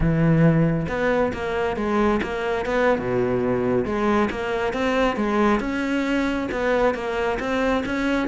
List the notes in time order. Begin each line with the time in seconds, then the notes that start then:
0.00 E3
0.88 B3
1.33 A#3
1.76 G#3
2.22 A#3
2.65 B3
2.98 B2
3.85 G#3
4.30 A#3
4.73 C4
5.16 G#3
5.60 C#4
6.51 B3
6.94 A#3
7.39 C4
7.85 C#4